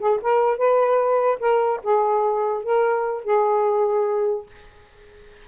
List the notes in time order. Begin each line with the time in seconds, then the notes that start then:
0.00 G#4
0.22 A#4
0.58 B4
1.40 A#4
1.84 G#4
2.63 A#4
3.24 G#4